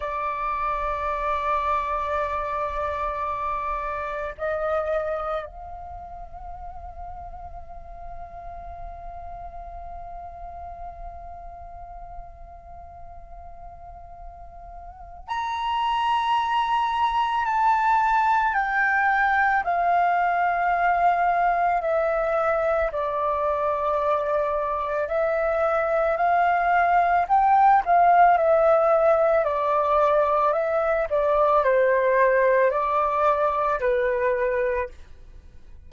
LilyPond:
\new Staff \with { instrumentName = "flute" } { \time 4/4 \tempo 4 = 55 d''1 | dis''4 f''2.~ | f''1~ | f''2 ais''2 |
a''4 g''4 f''2 | e''4 d''2 e''4 | f''4 g''8 f''8 e''4 d''4 | e''8 d''8 c''4 d''4 b'4 | }